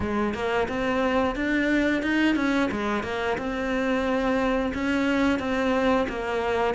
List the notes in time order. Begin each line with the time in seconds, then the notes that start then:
0.00 G#3
0.34 A#3
0.68 C4
1.35 D4
2.02 D#4
2.35 C#4
2.71 G#3
3.03 A#3
3.37 C4
4.74 C#4
5.39 C4
6.09 A#3